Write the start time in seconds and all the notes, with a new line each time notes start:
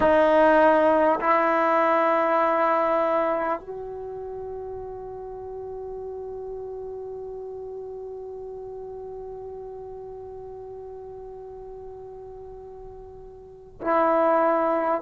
0.00 D#4
1.20 E4
3.60 F#4
13.81 E4